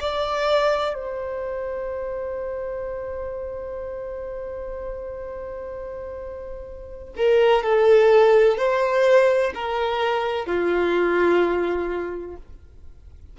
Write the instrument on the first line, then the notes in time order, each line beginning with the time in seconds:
violin
0.00 D5
0.94 C5
7.16 A#4
7.63 A4
8.57 C5
9.54 A#4
10.46 F4